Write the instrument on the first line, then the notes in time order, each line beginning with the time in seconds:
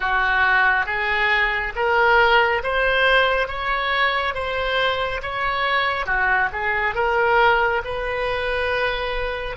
oboe
0.00 F#4
0.86 G#4
1.75 A#4
2.63 C5
3.48 C#5
4.34 C5
5.22 C#5
6.06 F#4
6.52 G#4
6.94 A#4
7.84 B4